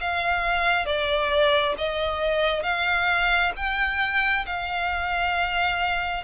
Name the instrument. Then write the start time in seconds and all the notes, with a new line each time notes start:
violin
0.00 F5
0.85 D5
1.77 D#5
2.63 F5
3.56 G5
4.46 F5